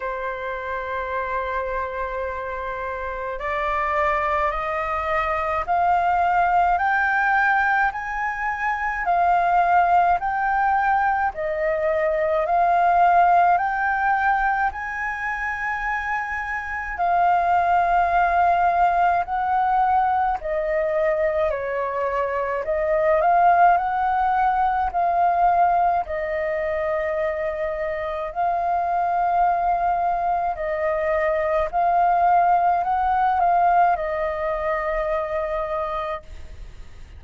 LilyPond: \new Staff \with { instrumentName = "flute" } { \time 4/4 \tempo 4 = 53 c''2. d''4 | dis''4 f''4 g''4 gis''4 | f''4 g''4 dis''4 f''4 | g''4 gis''2 f''4~ |
f''4 fis''4 dis''4 cis''4 | dis''8 f''8 fis''4 f''4 dis''4~ | dis''4 f''2 dis''4 | f''4 fis''8 f''8 dis''2 | }